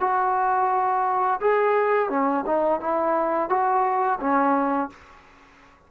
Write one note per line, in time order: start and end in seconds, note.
0.00 1.40 F#4
1.40 2.09 G#4
2.09 2.44 C#4
2.46 2.80 D#4
2.80 3.49 E4
3.49 4.19 F#4
4.20 4.90 C#4